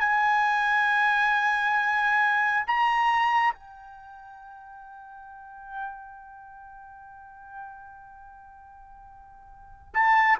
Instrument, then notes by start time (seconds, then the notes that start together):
trumpet
0.00 G#5
2.67 A#5
3.54 G5
9.94 A5